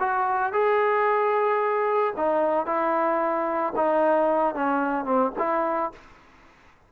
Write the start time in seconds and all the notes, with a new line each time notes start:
0.00 F#4
0.53 G#4
2.17 D#4
2.66 E4
3.76 D#4
4.55 C#4
5.05 C4
5.39 E4